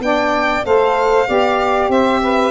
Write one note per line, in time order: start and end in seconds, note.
0.00 0.62 B3
0.00 0.63 D4
0.00 0.66 D5
0.00 0.65 G5
0.64 1.28 A3
0.64 1.27 A4
0.64 1.28 C5
0.64 1.91 F5
1.27 1.89 B3
1.27 2.51 G4
1.27 1.90 D5
1.89 2.51 C4
1.89 2.21 C5
1.89 2.51 E5
2.22 2.51 B4